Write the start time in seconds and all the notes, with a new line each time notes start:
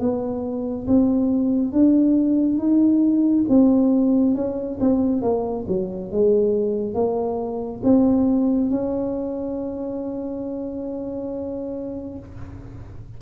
0.00 B3
0.87 C4
1.73 D4
2.58 D#4
3.49 C4
4.35 C#4
4.80 C4
5.22 A#3
5.68 F#3
6.12 G#3
6.94 A#3
7.84 C4
8.70 C#4